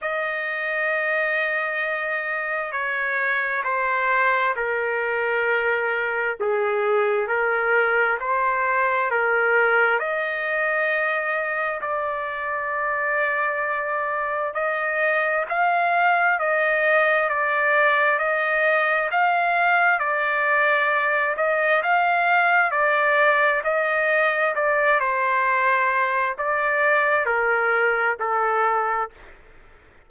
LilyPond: \new Staff \with { instrumentName = "trumpet" } { \time 4/4 \tempo 4 = 66 dis''2. cis''4 | c''4 ais'2 gis'4 | ais'4 c''4 ais'4 dis''4~ | dis''4 d''2. |
dis''4 f''4 dis''4 d''4 | dis''4 f''4 d''4. dis''8 | f''4 d''4 dis''4 d''8 c''8~ | c''4 d''4 ais'4 a'4 | }